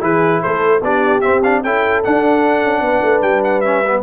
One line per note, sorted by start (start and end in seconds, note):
0.00 0.42 E3
0.00 0.80 E4
0.00 0.41 G#4
0.00 0.42 B4
0.41 0.81 A3
0.41 0.81 A4
0.41 0.82 C5
0.81 1.21 B3
0.81 1.22 D4
0.81 1.62 G4
0.81 1.21 D5
1.21 1.42 C4
1.21 1.63 C4
1.21 1.41 E5
1.43 1.64 D4
1.43 1.63 F5
1.62 2.03 C#4
1.62 2.04 E4
1.62 2.82 A4
1.62 2.03 G5
2.03 3.64 D4
2.03 2.64 D4
2.03 3.22 F#5
2.64 2.81 C#4
2.81 3.01 B3
2.81 4.02 B4
3.02 3.22 A3
3.22 4.02 G3
3.22 3.42 G5
3.43 3.60 F#5
3.60 3.84 C#4
3.60 4.00 E5
3.85 4.02 B3